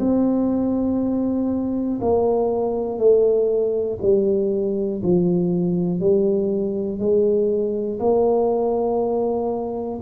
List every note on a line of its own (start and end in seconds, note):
0.00 2.00 C4
2.01 2.99 A#3
2.99 3.99 A3
4.02 5.02 G3
5.03 6.00 F3
6.00 7.00 G3
7.00 8.00 G#3
8.00 10.00 A#3